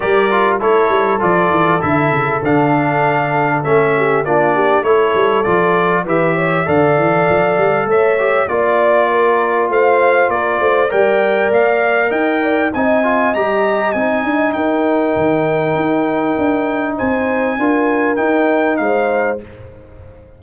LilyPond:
<<
  \new Staff \with { instrumentName = "trumpet" } { \time 4/4 \tempo 4 = 99 d''4 cis''4 d''4 e''4 | f''2 e''4 d''4 | cis''4 d''4 e''4 f''4~ | f''4 e''4 d''2 |
f''4 d''4 g''4 f''4 | g''4 gis''4 ais''4 gis''4 | g''1 | gis''2 g''4 f''4 | }
  \new Staff \with { instrumentName = "horn" } { \time 4/4 ais'4 a'2.~ | a'2~ a'8 g'8 f'8 g'8 | a'2 b'8 cis''8 d''4~ | d''4 cis''4 d''4 ais'4 |
c''4 ais'8 c''8 d''2 | dis''8 d''8 dis''2. | ais'1 | c''4 ais'2 c''4 | }
  \new Staff \with { instrumentName = "trombone" } { \time 4/4 g'8 f'8 e'4 f'4 e'4 | d'2 cis'4 d'4 | e'4 f'4 g'4 a'4~ | a'4. g'8 f'2~ |
f'2 ais'2~ | ais'4 dis'8 f'8 g'4 dis'4~ | dis'1~ | dis'4 f'4 dis'2 | }
  \new Staff \with { instrumentName = "tuba" } { \time 4/4 g4 a8 g8 f8 e8 d8 cis8 | d2 a4 ais4 | a8 g8 f4 e4 d8 e8 | f8 g8 a4 ais2 |
a4 ais8 a8 g4 ais4 | dis'4 c'4 g4 c'8 d'8 | dis'4 dis4 dis'4 d'4 | c'4 d'4 dis'4 gis4 | }
>>